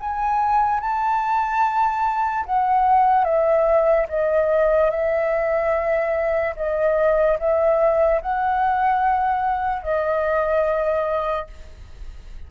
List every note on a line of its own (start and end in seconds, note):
0.00 0.81 G#5
0.81 2.45 A5
2.46 3.25 F#5
3.25 4.07 E5
4.09 4.91 D#5
4.91 6.55 E5
6.56 7.38 D#5
7.39 8.22 E5
8.22 9.83 F#5
9.83 11.48 D#5